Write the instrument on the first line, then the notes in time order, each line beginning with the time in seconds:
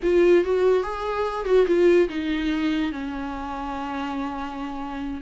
viola
0.02 F4
0.44 F#4
0.83 G#4
1.45 F#4
1.66 F4
2.08 D#4
2.92 C#4